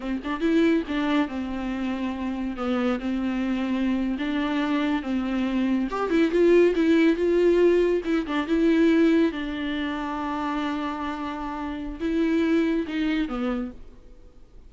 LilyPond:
\new Staff \with { instrumentName = "viola" } { \time 4/4 \tempo 4 = 140 c'8 d'8 e'4 d'4 c'4~ | c'2 b4 c'4~ | c'4.~ c'16 d'2 c'16~ | c'4.~ c'16 g'8 e'8 f'4 e'16~ |
e'8. f'2 e'8 d'8 e'16~ | e'4.~ e'16 d'2~ d'16~ | d'1 | e'2 dis'4 b4 | }